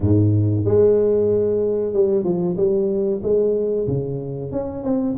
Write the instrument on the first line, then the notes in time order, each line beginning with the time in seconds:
tuba
0.00 G#2
0.64 G#3
1.93 G3
2.24 F3
2.56 G3
3.22 G#3
3.87 C#3
4.51 C#4
4.83 C4